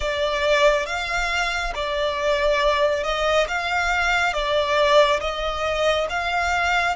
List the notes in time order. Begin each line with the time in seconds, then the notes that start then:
0.00 D5
0.86 F5
1.74 D5
3.03 D#5
3.48 F5
4.33 D5
5.20 D#5
6.09 F5